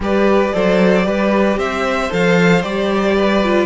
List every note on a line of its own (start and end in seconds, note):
0.00 0.52 G3
0.00 0.53 G4
0.00 0.54 B4
0.00 1.59 D5
0.53 1.06 F#3
0.53 1.03 A4
0.53 1.05 C5
1.03 1.57 G3
1.03 2.09 G4
1.03 1.58 B4
1.57 2.09 C4
1.57 3.15 C5
1.57 2.11 E5
2.10 2.63 F3
2.10 2.62 A4
2.10 2.62 F5
2.62 3.66 G3
2.62 3.41 G4
2.62 3.66 D5
3.15 3.66 B4
3.44 3.66 F4